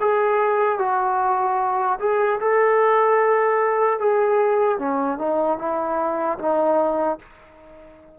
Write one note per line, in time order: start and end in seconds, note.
0.00 0.79 G#4
0.79 1.99 F#4
1.99 2.39 G#4
2.40 3.99 A4
3.99 4.78 G#4
4.78 5.18 C#4
5.18 5.58 D#4
5.58 6.38 E4
6.39 7.19 D#4